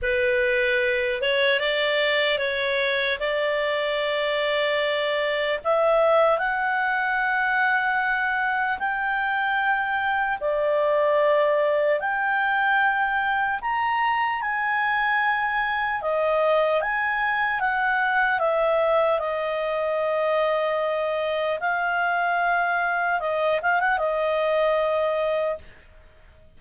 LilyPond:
\new Staff \with { instrumentName = "clarinet" } { \time 4/4 \tempo 4 = 75 b'4. cis''8 d''4 cis''4 | d''2. e''4 | fis''2. g''4~ | g''4 d''2 g''4~ |
g''4 ais''4 gis''2 | dis''4 gis''4 fis''4 e''4 | dis''2. f''4~ | f''4 dis''8 f''16 fis''16 dis''2 | }